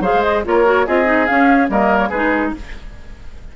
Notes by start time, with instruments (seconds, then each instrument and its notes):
0.00 bassoon F#3, clarinet G#4, oboe C5, flute F5
0.14 bassoon G#3
0.23 flute D#5
0.44 bassoon A#3, clarinet F4, oboe A#4, flute C#5
0.64 clarinet F#4
0.86 bassoon C4, clarinet F4, oboe G#4, flute D#5
1.04 clarinet D#4
1.26 clarinet C#4, bassoon C#4, flute F5
1.69 bassoon G3, clarinet A#3, oboe A#4, flute D#5
1.98 flute C#5
2.09 bassoon G#3, clarinet D#4, oboe G#4, flute B4